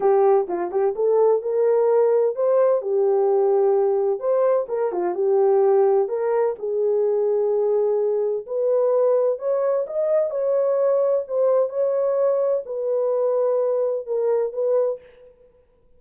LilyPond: \new Staff \with { instrumentName = "horn" } { \time 4/4 \tempo 4 = 128 g'4 f'8 g'8 a'4 ais'4~ | ais'4 c''4 g'2~ | g'4 c''4 ais'8 f'8 g'4~ | g'4 ais'4 gis'2~ |
gis'2 b'2 | cis''4 dis''4 cis''2 | c''4 cis''2 b'4~ | b'2 ais'4 b'4 | }